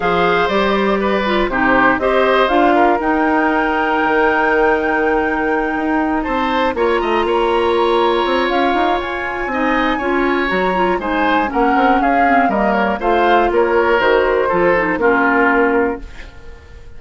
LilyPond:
<<
  \new Staff \with { instrumentName = "flute" } { \time 4/4 \tempo 4 = 120 f''4 d''2 c''4 | dis''4 f''4 g''2~ | g''1~ | g''8 a''4 ais''2~ ais''8~ |
ais''4 f''4 gis''2~ | gis''4 ais''4 gis''4 fis''4 | f''4 dis''8 cis''8 f''4 cis''4 | c''2 ais'2 | }
  \new Staff \with { instrumentName = "oboe" } { \time 4/4 c''2 b'4 g'4 | c''4. ais'2~ ais'8~ | ais'1~ | ais'8 c''4 cis''8 dis''8 cis''4.~ |
cis''2. dis''4 | cis''2 c''4 ais'4 | gis'4 ais'4 c''4 ais'4~ | ais'4 a'4 f'2 | }
  \new Staff \with { instrumentName = "clarinet" } { \time 4/4 gis'4 g'4. f'8 dis'4 | g'4 f'4 dis'2~ | dis'1~ | dis'4. f'2~ f'8~ |
f'2. dis'4 | f'4 fis'8 f'8 dis'4 cis'4~ | cis'8 c'8 ais4 f'2 | fis'4 f'8 dis'8 cis'2 | }
  \new Staff \with { instrumentName = "bassoon" } { \time 4/4 f4 g2 c4 | c'4 d'4 dis'2 | dis2.~ dis8 dis'8~ | dis'8 c'4 ais8 a8 ais4.~ |
ais8 c'8 cis'8 dis'8 f'4 c'4 | cis'4 fis4 gis4 ais8 c'8 | cis'4 g4 a4 ais4 | dis4 f4 ais2 | }
>>